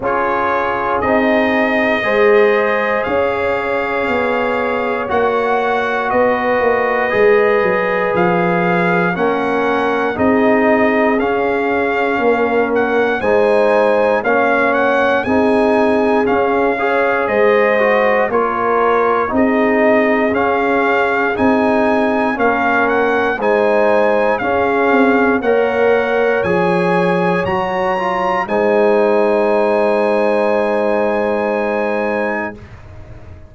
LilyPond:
<<
  \new Staff \with { instrumentName = "trumpet" } { \time 4/4 \tempo 4 = 59 cis''4 dis''2 f''4~ | f''4 fis''4 dis''2 | f''4 fis''4 dis''4 f''4~ | f''8 fis''8 gis''4 f''8 fis''8 gis''4 |
f''4 dis''4 cis''4 dis''4 | f''4 gis''4 f''8 fis''8 gis''4 | f''4 fis''4 gis''4 ais''4 | gis''1 | }
  \new Staff \with { instrumentName = "horn" } { \time 4/4 gis'2 c''4 cis''4~ | cis''2 b'2~ | b'4 ais'4 gis'2 | ais'4 c''4 cis''4 gis'4~ |
gis'8 cis''8 c''4 ais'4 gis'4~ | gis'2 ais'4 c''4 | gis'4 cis''2. | c''1 | }
  \new Staff \with { instrumentName = "trombone" } { \time 4/4 f'4 dis'4 gis'2~ | gis'4 fis'2 gis'4~ | gis'4 cis'4 dis'4 cis'4~ | cis'4 dis'4 cis'4 dis'4 |
cis'8 gis'4 fis'8 f'4 dis'4 | cis'4 dis'4 cis'4 dis'4 | cis'4 ais'4 gis'4 fis'8 f'8 | dis'1 | }
  \new Staff \with { instrumentName = "tuba" } { \time 4/4 cis'4 c'4 gis4 cis'4 | b4 ais4 b8 ais8 gis8 fis8 | f4 ais4 c'4 cis'4 | ais4 gis4 ais4 c'4 |
cis'4 gis4 ais4 c'4 | cis'4 c'4 ais4 gis4 | cis'8 c'8 ais4 f4 fis4 | gis1 | }
>>